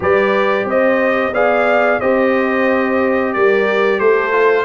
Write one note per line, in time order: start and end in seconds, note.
0.00 0.64 G3
0.00 1.33 G4
0.00 0.67 B4
0.00 0.69 D5
0.64 1.31 C4
0.64 1.33 C5
0.64 1.33 D#5
1.32 1.99 B3
1.32 2.00 G#4
1.32 2.00 D5
1.32 2.00 F5
2.00 3.35 C4
2.00 4.31 G4
2.00 3.33 C5
2.00 3.33 D#5
3.33 3.99 G3
3.33 3.99 A#4
3.33 3.99 D5
3.99 4.65 A3
3.99 4.65 A4
3.99 4.65 C5
4.31 4.65 F4